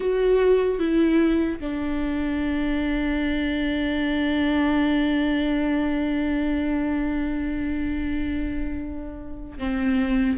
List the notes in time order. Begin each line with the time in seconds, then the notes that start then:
0.00 F#4
0.79 E4
1.59 D4
9.58 C4